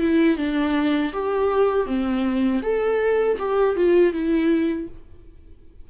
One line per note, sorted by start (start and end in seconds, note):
0.00 0.37 E4
0.37 1.12 D4
1.12 1.86 G4
1.86 2.61 C4
2.62 3.37 A4
3.39 3.76 G4
3.76 4.13 F4
4.13 4.88 E4